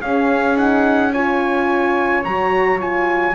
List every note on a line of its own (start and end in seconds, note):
0.00 0.55 C#4
0.00 2.24 C#4
0.00 1.11 G#4
0.00 0.56 F5
0.55 1.10 D#4
0.55 1.12 F#5
1.12 2.25 F4
1.12 3.34 C#5
1.12 2.24 G#5
2.24 3.34 F#3
2.24 2.78 F#4
2.24 2.80 A#5
2.78 3.34 F4
2.78 3.34 G#5